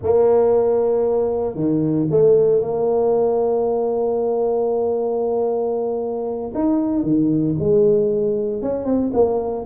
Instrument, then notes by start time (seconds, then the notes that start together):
tuba
0.02 A#3
1.54 D#3
2.10 A3
2.61 A#3
6.54 D#4
7.03 D#3
7.59 G#3
8.62 C#4
8.84 C4
9.13 A#3